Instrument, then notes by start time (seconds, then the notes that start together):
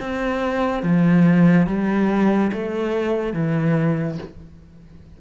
cello
0.00 C4
0.83 F3
1.67 G3
2.52 A3
3.33 E3